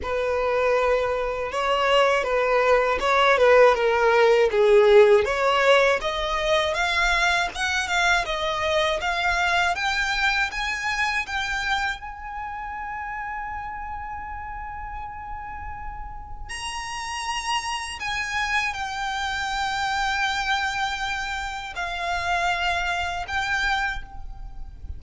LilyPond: \new Staff \with { instrumentName = "violin" } { \time 4/4 \tempo 4 = 80 b'2 cis''4 b'4 | cis''8 b'8 ais'4 gis'4 cis''4 | dis''4 f''4 fis''8 f''8 dis''4 | f''4 g''4 gis''4 g''4 |
gis''1~ | gis''2 ais''2 | gis''4 g''2.~ | g''4 f''2 g''4 | }